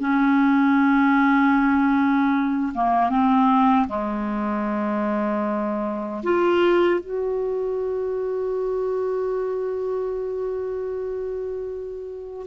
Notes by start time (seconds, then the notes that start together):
0.00 C#4
2.74 A#3
3.10 C4
3.89 G#3
6.23 F4
7.01 F#4